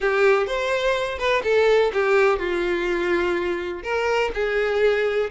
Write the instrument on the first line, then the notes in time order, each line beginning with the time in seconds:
violin
0.00 G4
0.46 C5
1.18 B4
1.43 A4
1.93 G4
2.38 F4
3.83 A#4
4.34 G#4